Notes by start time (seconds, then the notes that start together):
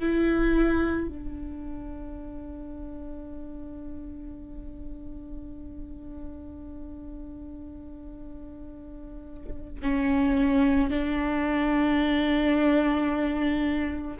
0.00 E4
1.08 D4
9.82 C#4
10.90 D4